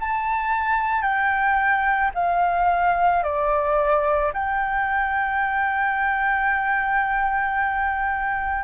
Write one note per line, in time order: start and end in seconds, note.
0.00 1.02 A5
1.02 2.11 G5
2.14 3.23 F5
3.23 4.32 D5
4.33 8.64 G5